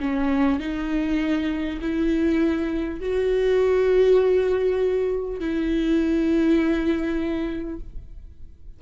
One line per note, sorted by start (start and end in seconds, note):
0.00 0.59 C#4
0.59 1.79 D#4
1.81 3.01 E4
3.01 5.40 F#4
5.40 7.80 E4